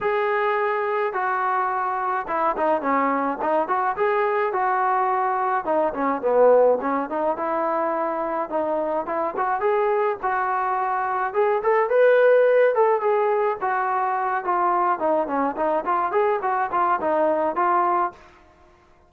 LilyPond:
\new Staff \with { instrumentName = "trombone" } { \time 4/4 \tempo 4 = 106 gis'2 fis'2 | e'8 dis'8 cis'4 dis'8 fis'8 gis'4 | fis'2 dis'8 cis'8 b4 | cis'8 dis'8 e'2 dis'4 |
e'8 fis'8 gis'4 fis'2 | gis'8 a'8 b'4. a'8 gis'4 | fis'4. f'4 dis'8 cis'8 dis'8 | f'8 gis'8 fis'8 f'8 dis'4 f'4 | }